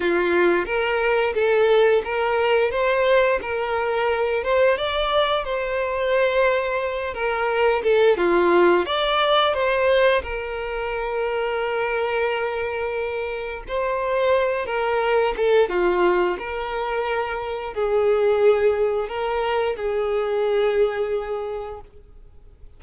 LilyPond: \new Staff \with { instrumentName = "violin" } { \time 4/4 \tempo 4 = 88 f'4 ais'4 a'4 ais'4 | c''4 ais'4. c''8 d''4 | c''2~ c''8 ais'4 a'8 | f'4 d''4 c''4 ais'4~ |
ais'1 | c''4. ais'4 a'8 f'4 | ais'2 gis'2 | ais'4 gis'2. | }